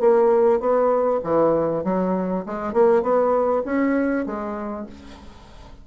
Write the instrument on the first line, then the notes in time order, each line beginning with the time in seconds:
bassoon
0.00 A#3
0.60 B3
1.24 E3
1.84 F#3
2.46 G#3
2.73 A#3
3.02 B3
3.65 C#4
4.26 G#3